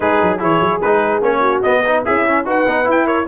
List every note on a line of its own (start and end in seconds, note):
0.00 0.20 G#3
0.00 0.36 D#4
0.00 0.39 G#4
0.00 0.39 B4
0.21 0.41 F#3
0.36 0.60 E3
0.36 0.80 E4
0.36 1.39 G#4
0.36 0.81 C#5
0.60 0.81 F#3
0.81 1.21 G#3
0.81 1.21 D#4
0.81 1.22 B4
1.21 1.62 A#3
1.21 1.62 C#4
1.21 1.62 C#5
1.40 1.81 F#4
1.62 1.84 B3
1.62 2.06 B3
1.62 2.03 D#5
1.85 2.05 D#4
1.85 2.05 B4
2.05 2.45 C#4
2.05 2.46 E4
2.05 2.25 G#4
2.05 2.46 E5
2.28 2.45 C#4
2.45 2.65 D#4
2.45 2.65 F#4
2.45 3.05 B4
2.45 2.90 F#5
2.67 2.87 B3
2.67 2.84 D#4
2.84 3.25 E4
2.84 3.27 E4
2.91 3.07 G5
3.05 3.26 A#4
3.05 3.27 C#5